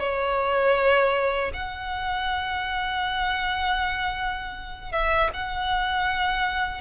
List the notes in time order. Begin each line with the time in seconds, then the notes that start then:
0.00 C#5
1.54 F#5
4.92 E5
5.34 F#5